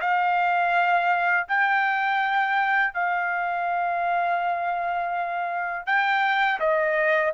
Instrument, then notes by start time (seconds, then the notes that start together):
trumpet
0.00 F5
1.48 G5
2.94 F5
5.86 G5
6.60 D#5